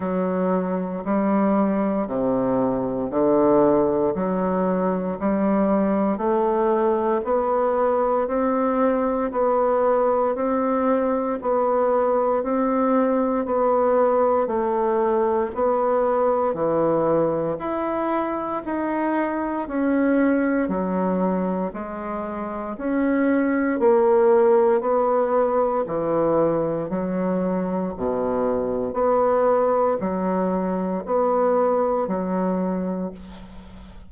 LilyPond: \new Staff \with { instrumentName = "bassoon" } { \time 4/4 \tempo 4 = 58 fis4 g4 c4 d4 | fis4 g4 a4 b4 | c'4 b4 c'4 b4 | c'4 b4 a4 b4 |
e4 e'4 dis'4 cis'4 | fis4 gis4 cis'4 ais4 | b4 e4 fis4 b,4 | b4 fis4 b4 fis4 | }